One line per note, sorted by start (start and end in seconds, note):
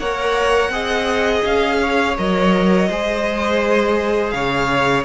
0.00 0.70 A#3
0.00 0.72 A#4
0.00 0.72 C#5
0.00 1.45 F#5
0.70 1.42 C4
0.70 2.17 G#4
0.70 1.81 D#5
1.45 2.18 C#4
1.45 2.18 F5
1.82 2.89 C#5
2.18 2.90 F#3
2.18 2.90 A#4
2.18 4.31 D#5
2.89 4.33 G#3
2.89 5.05 G#4
2.89 4.34 C5
4.31 5.05 C#3
4.31 5.05 C#5
4.31 5.03 F5